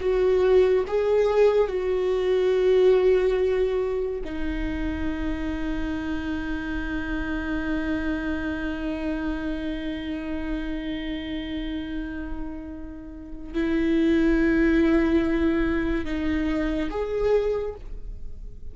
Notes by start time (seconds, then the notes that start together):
0.00 F#4
0.88 G#4
1.68 F#4
4.25 D#4
13.54 E4
16.05 D#4
16.91 G#4